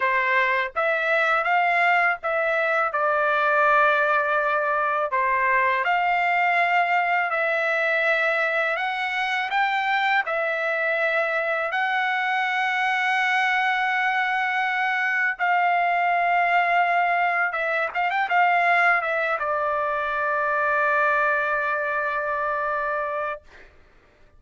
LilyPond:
\new Staff \with { instrumentName = "trumpet" } { \time 4/4 \tempo 4 = 82 c''4 e''4 f''4 e''4 | d''2. c''4 | f''2 e''2 | fis''4 g''4 e''2 |
fis''1~ | fis''4 f''2. | e''8 f''16 g''16 f''4 e''8 d''4.~ | d''1 | }